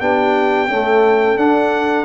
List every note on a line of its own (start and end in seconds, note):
0.00 0.68 B3
0.00 0.69 D4
0.00 0.70 G4
0.00 1.38 G5
0.68 1.38 A3
0.68 1.37 C#4
0.68 2.06 A4
1.37 2.06 D4
1.37 2.06 F#5